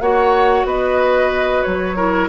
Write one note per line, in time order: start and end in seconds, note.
0.00 0.64 A#3
0.00 1.96 F#4
0.00 0.66 C#5
0.00 0.66 F#5
0.64 1.62 B3
0.64 1.96 B4
0.64 1.62 D#5
1.62 2.28 F#3
1.62 2.28 C#5
1.96 2.28 E4
1.96 2.28 A#4